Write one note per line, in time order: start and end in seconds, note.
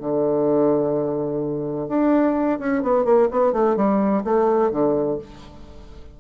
0.00 1.88 D3
1.88 2.59 D4
2.59 2.83 C#4
2.83 3.05 B3
3.05 3.28 A#3
3.31 3.53 B3
3.53 3.76 A3
3.76 4.23 G3
4.24 4.71 A3
4.71 5.18 D3